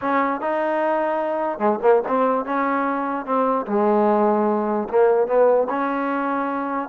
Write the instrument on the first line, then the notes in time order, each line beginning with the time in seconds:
trombone
0.01 C#4
0.40 D#4
1.58 G#3
1.82 A#3
2.07 C4
2.45 C#4
3.25 C4
3.66 G#3
4.89 A#3
5.27 B3
5.69 C#4